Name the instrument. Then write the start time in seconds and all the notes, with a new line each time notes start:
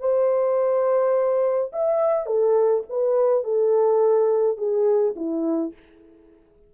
horn
0.00 C5
1.72 E5
2.26 A4
2.89 B4
3.44 A4
4.57 G#4
5.16 E4